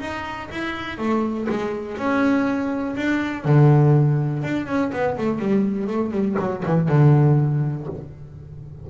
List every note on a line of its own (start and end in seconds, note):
0.00 0.49 D#4
0.51 0.98 E4
0.98 1.48 A3
1.49 1.97 G#3
1.97 2.96 C#4
2.96 3.45 D4
3.45 4.43 D3
4.43 4.67 D4
4.67 4.91 C#4
4.92 5.17 B3
5.18 5.39 A3
5.39 5.87 G3
5.87 6.11 A3
6.11 6.36 G3
6.39 6.63 F#3
6.65 6.89 E3
6.89 7.87 D3